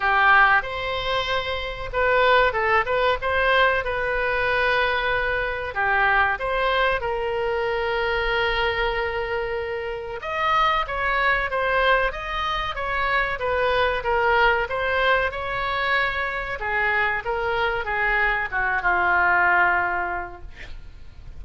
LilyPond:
\new Staff \with { instrumentName = "oboe" } { \time 4/4 \tempo 4 = 94 g'4 c''2 b'4 | a'8 b'8 c''4 b'2~ | b'4 g'4 c''4 ais'4~ | ais'1 |
dis''4 cis''4 c''4 dis''4 | cis''4 b'4 ais'4 c''4 | cis''2 gis'4 ais'4 | gis'4 fis'8 f'2~ f'8 | }